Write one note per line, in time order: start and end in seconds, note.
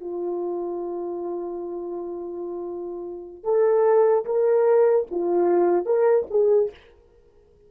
0.00 3.43 F4
3.43 4.25 A4
4.25 5.06 A#4
5.11 5.86 F4
5.86 6.26 A#4
6.30 6.71 G#4